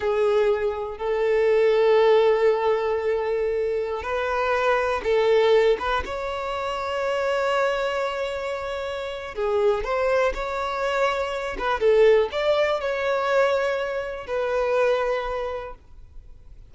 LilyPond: \new Staff \with { instrumentName = "violin" } { \time 4/4 \tempo 4 = 122 gis'2 a'2~ | a'1~ | a'16 b'2 a'4. b'16~ | b'16 cis''2.~ cis''8.~ |
cis''2. gis'4 | c''4 cis''2~ cis''8 b'8 | a'4 d''4 cis''2~ | cis''4 b'2. | }